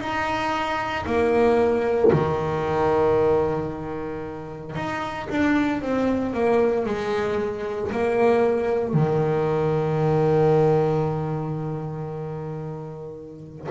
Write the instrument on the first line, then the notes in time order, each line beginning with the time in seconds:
double bass
0.00 D#4
1.06 A#3
2.12 D#3
4.76 D#4
5.30 D4
5.81 C4
6.33 A#3
6.86 G#3
7.91 A#3
8.93 D#3